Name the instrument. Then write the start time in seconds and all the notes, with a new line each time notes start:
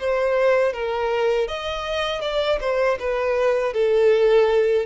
violin
0.00 C5
0.73 A#4
1.48 D#5
2.22 D5
2.61 C5
3.00 B4
3.74 A4